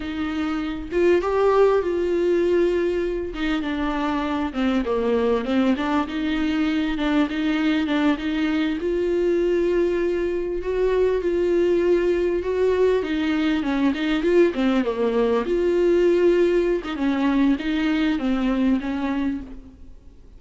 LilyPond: \new Staff \with { instrumentName = "viola" } { \time 4/4 \tempo 4 = 99 dis'4. f'8 g'4 f'4~ | f'4. dis'8 d'4. c'8 | ais4 c'8 d'8 dis'4. d'8 | dis'4 d'8 dis'4 f'4.~ |
f'4. fis'4 f'4.~ | f'8 fis'4 dis'4 cis'8 dis'8 f'8 | c'8 ais4 f'2~ f'16 dis'16 | cis'4 dis'4 c'4 cis'4 | }